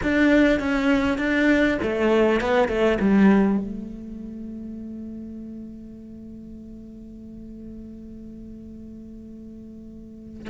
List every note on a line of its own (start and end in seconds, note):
0.02 0.59 D4
0.59 1.18 C#4
1.18 1.78 D4
1.82 2.40 A3
2.40 2.68 B3
2.68 2.98 A3
3.00 3.58 G3
3.58 10.48 A3